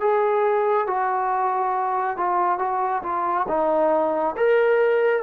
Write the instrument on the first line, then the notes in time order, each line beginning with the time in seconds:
trombone
0.00 G#4
0.87 F#4
2.17 F4
2.58 F#4
3.03 F4
3.48 D#4
4.37 A#4